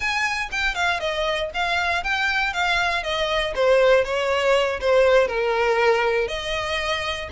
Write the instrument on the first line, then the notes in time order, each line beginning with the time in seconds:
violin
0.00 G#5
0.51 G5
0.74 F5
1.00 D#5
1.54 F5
2.03 G5
2.53 F5
3.03 D#5
3.55 C5
4.04 C#5
4.80 C5
5.27 A#4
6.28 D#5